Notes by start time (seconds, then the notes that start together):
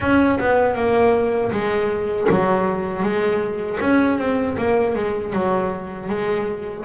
0.00 C#4
0.39 B3
0.75 A#3
1.51 G#3
2.30 F#3
3.02 G#3
3.80 C#4
4.18 C4
4.57 A#3
4.95 G#3
5.32 F#3
6.09 G#3